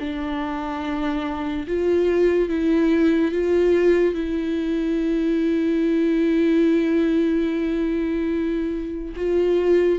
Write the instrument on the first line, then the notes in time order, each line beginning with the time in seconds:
viola
0.00 D4
1.68 F4
2.49 E4
3.32 F4
4.15 E4
9.17 F4